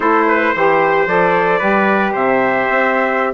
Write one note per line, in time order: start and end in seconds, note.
0.00 0.52 A3
0.00 0.54 E4
0.00 0.26 A4
0.00 1.07 C5
0.27 0.53 B4
0.53 1.06 E3
0.53 1.07 G4
0.53 1.58 C5
1.06 1.60 F3
1.06 1.59 A4
1.06 2.14 D5
1.58 2.14 G3
1.58 3.33 G4
1.58 2.12 B4
2.12 2.68 C3
2.12 3.33 C5
2.12 3.33 E5
2.69 3.33 C4